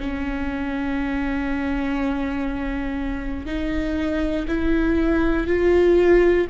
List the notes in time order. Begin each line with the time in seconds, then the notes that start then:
0.00 C#4
3.46 D#4
4.48 E4
5.48 F4